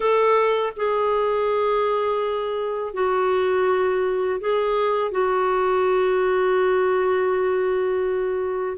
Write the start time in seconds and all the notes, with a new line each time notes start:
0.00 A4
0.76 G#4
2.93 F#4
4.40 G#4
5.11 F#4